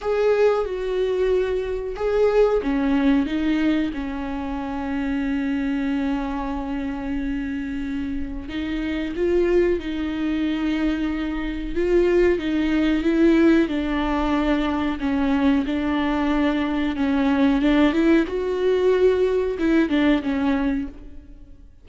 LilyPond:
\new Staff \with { instrumentName = "viola" } { \time 4/4 \tempo 4 = 92 gis'4 fis'2 gis'4 | cis'4 dis'4 cis'2~ | cis'1~ | cis'4 dis'4 f'4 dis'4~ |
dis'2 f'4 dis'4 | e'4 d'2 cis'4 | d'2 cis'4 d'8 e'8 | fis'2 e'8 d'8 cis'4 | }